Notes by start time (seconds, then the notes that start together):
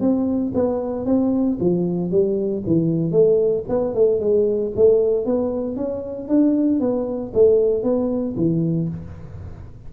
0.00 C4
0.54 B3
1.05 C4
1.60 F3
2.10 G3
2.66 E3
3.11 A3
3.69 B3
3.94 A3
4.20 G#3
4.76 A3
5.25 B3
5.76 C#4
6.28 D4
6.80 B3
7.34 A3
7.83 B3
8.36 E3